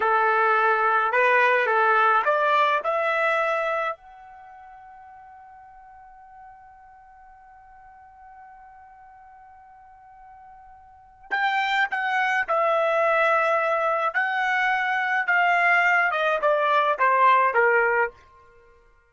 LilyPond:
\new Staff \with { instrumentName = "trumpet" } { \time 4/4 \tempo 4 = 106 a'2 b'4 a'4 | d''4 e''2 fis''4~ | fis''1~ | fis''1~ |
fis''1 | g''4 fis''4 e''2~ | e''4 fis''2 f''4~ | f''8 dis''8 d''4 c''4 ais'4 | }